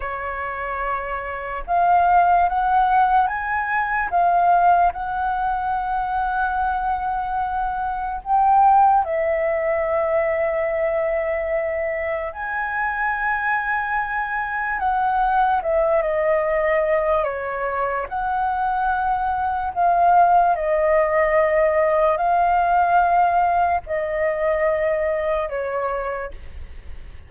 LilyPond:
\new Staff \with { instrumentName = "flute" } { \time 4/4 \tempo 4 = 73 cis''2 f''4 fis''4 | gis''4 f''4 fis''2~ | fis''2 g''4 e''4~ | e''2. gis''4~ |
gis''2 fis''4 e''8 dis''8~ | dis''4 cis''4 fis''2 | f''4 dis''2 f''4~ | f''4 dis''2 cis''4 | }